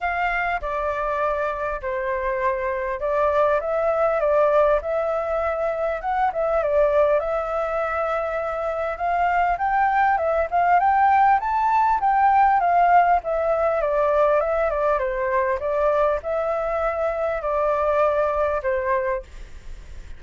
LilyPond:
\new Staff \with { instrumentName = "flute" } { \time 4/4 \tempo 4 = 100 f''4 d''2 c''4~ | c''4 d''4 e''4 d''4 | e''2 fis''8 e''8 d''4 | e''2. f''4 |
g''4 e''8 f''8 g''4 a''4 | g''4 f''4 e''4 d''4 | e''8 d''8 c''4 d''4 e''4~ | e''4 d''2 c''4 | }